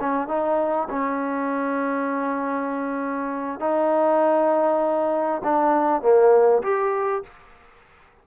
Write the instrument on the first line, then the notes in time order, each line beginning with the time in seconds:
trombone
0.00 C#4
0.28 D#4
0.89 C#4
3.60 D#4
5.44 D4
6.01 A#3
6.62 G4